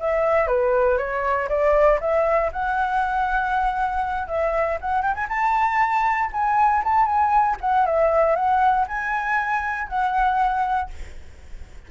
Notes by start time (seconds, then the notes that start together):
0.00 E5
0.48 B4
0.98 C#5
1.49 D5
2.01 E5
2.53 F#5
4.28 E5
4.81 F#5
5.02 G5
5.15 G#5
5.29 A5
6.33 G#5
6.84 A5
7.06 G#5
7.61 F#5
7.87 E5
8.36 F#5
8.88 G#5
9.89 F#5